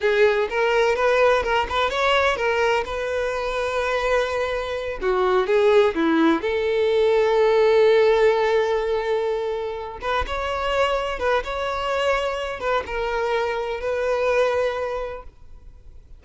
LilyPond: \new Staff \with { instrumentName = "violin" } { \time 4/4 \tempo 4 = 126 gis'4 ais'4 b'4 ais'8 b'8 | cis''4 ais'4 b'2~ | b'2~ b'8 fis'4 gis'8~ | gis'8 e'4 a'2~ a'8~ |
a'1~ | a'4 b'8 cis''2 b'8 | cis''2~ cis''8 b'8 ais'4~ | ais'4 b'2. | }